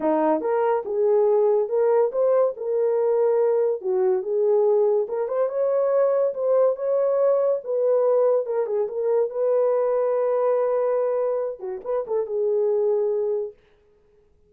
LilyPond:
\new Staff \with { instrumentName = "horn" } { \time 4/4 \tempo 4 = 142 dis'4 ais'4 gis'2 | ais'4 c''4 ais'2~ | ais'4 fis'4 gis'2 | ais'8 c''8 cis''2 c''4 |
cis''2 b'2 | ais'8 gis'8 ais'4 b'2~ | b'2.~ b'8 fis'8 | b'8 a'8 gis'2. | }